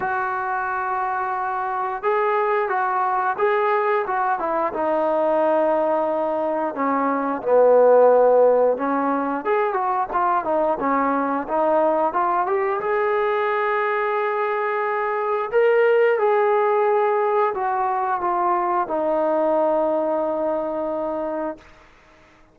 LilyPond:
\new Staff \with { instrumentName = "trombone" } { \time 4/4 \tempo 4 = 89 fis'2. gis'4 | fis'4 gis'4 fis'8 e'8 dis'4~ | dis'2 cis'4 b4~ | b4 cis'4 gis'8 fis'8 f'8 dis'8 |
cis'4 dis'4 f'8 g'8 gis'4~ | gis'2. ais'4 | gis'2 fis'4 f'4 | dis'1 | }